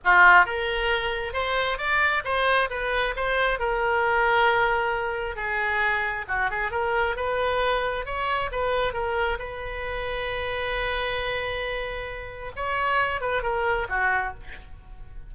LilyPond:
\new Staff \with { instrumentName = "oboe" } { \time 4/4 \tempo 4 = 134 f'4 ais'2 c''4 | d''4 c''4 b'4 c''4 | ais'1 | gis'2 fis'8 gis'8 ais'4 |
b'2 cis''4 b'4 | ais'4 b'2.~ | b'1 | cis''4. b'8 ais'4 fis'4 | }